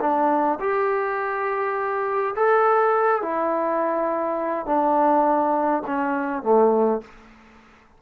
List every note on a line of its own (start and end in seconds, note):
0.00 0.58 D4
0.60 2.34 G4
2.35 3.22 A4
3.22 4.66 E4
4.66 5.82 D4
5.86 6.43 C#4
6.43 7.01 A3